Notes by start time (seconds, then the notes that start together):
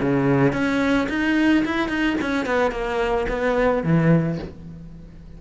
0.00 C#3
0.53 C#4
1.09 D#4
1.65 E4
1.88 D#4
2.21 C#4
2.46 B3
2.71 A#3
3.29 B3
3.84 E3